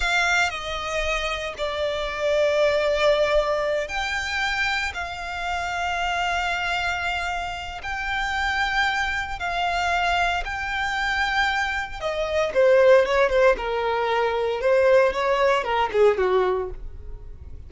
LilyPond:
\new Staff \with { instrumentName = "violin" } { \time 4/4 \tempo 4 = 115 f''4 dis''2 d''4~ | d''2.~ d''8 g''8~ | g''4. f''2~ f''8~ | f''2. g''4~ |
g''2 f''2 | g''2. dis''4 | c''4 cis''8 c''8 ais'2 | c''4 cis''4 ais'8 gis'8 fis'4 | }